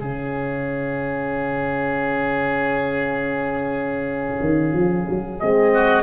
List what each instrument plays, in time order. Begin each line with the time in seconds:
0.00 tuba C#3, horn C#4, oboe G#4, trumpet F5
4.41 tuba D#3
4.73 tuba F3
5.09 tuba F#3
5.40 tuba G#3, horn C4, trumpet D#5
5.74 oboe F#4